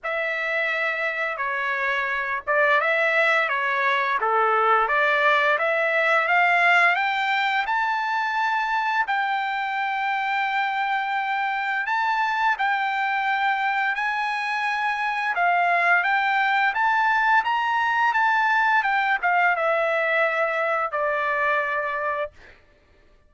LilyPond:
\new Staff \with { instrumentName = "trumpet" } { \time 4/4 \tempo 4 = 86 e''2 cis''4. d''8 | e''4 cis''4 a'4 d''4 | e''4 f''4 g''4 a''4~ | a''4 g''2.~ |
g''4 a''4 g''2 | gis''2 f''4 g''4 | a''4 ais''4 a''4 g''8 f''8 | e''2 d''2 | }